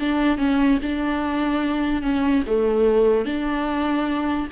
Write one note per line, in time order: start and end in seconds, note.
0.00 0.38 D4
0.38 0.79 C#4
0.83 2.03 D4
2.03 2.44 C#4
2.47 3.26 A3
3.26 4.48 D4